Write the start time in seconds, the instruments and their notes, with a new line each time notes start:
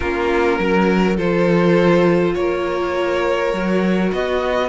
0.00 cello A#3, viola C#4, violin F4 A#4
0.59 cello F#3, violin A#4
1.16 cello F3, viola F4, violin A4 C5
2.34 cello A#3, violin A#4 C#5
3.52 cello F#3, viola F#4
4.12 cello B3, violin F#4 D#5